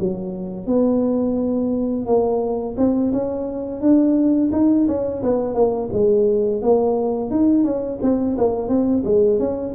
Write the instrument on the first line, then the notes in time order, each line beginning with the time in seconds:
tuba
0.00 F#3
0.67 B3
2.06 A#3
2.78 C4
3.13 C#4
3.81 D4
4.53 D#4
4.88 C#4
5.23 B3
5.55 A#3
5.93 G#3
6.62 A#3
7.31 D#4
7.65 C#4
8.02 C4
8.38 A#3
8.69 C4
9.05 G#3
9.40 C#4